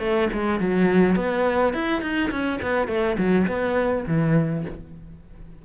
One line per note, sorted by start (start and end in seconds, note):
0.00 0.29 A3
0.33 0.60 G#3
0.60 1.16 F#3
1.16 1.74 B3
1.74 2.02 E4
2.02 2.31 D#4
2.31 2.60 C#4
2.62 2.88 B3
2.88 3.17 A3
3.18 3.47 F#3
3.47 4.05 B3
4.08 4.65 E3